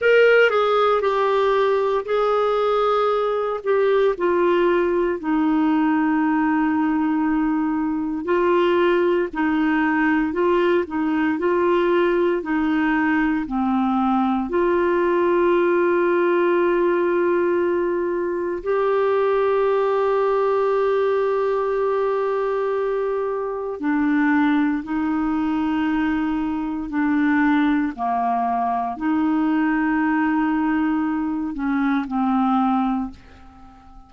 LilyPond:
\new Staff \with { instrumentName = "clarinet" } { \time 4/4 \tempo 4 = 58 ais'8 gis'8 g'4 gis'4. g'8 | f'4 dis'2. | f'4 dis'4 f'8 dis'8 f'4 | dis'4 c'4 f'2~ |
f'2 g'2~ | g'2. d'4 | dis'2 d'4 ais4 | dis'2~ dis'8 cis'8 c'4 | }